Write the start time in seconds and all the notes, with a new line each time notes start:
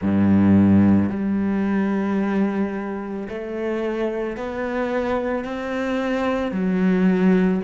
0.01 G2
1.09 G3
3.28 A3
4.36 B3
5.44 C4
6.52 F#3